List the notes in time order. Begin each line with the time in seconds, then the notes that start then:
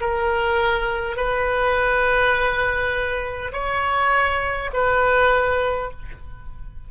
0.00 A#4
1.16 B4
3.52 C#5
4.73 B4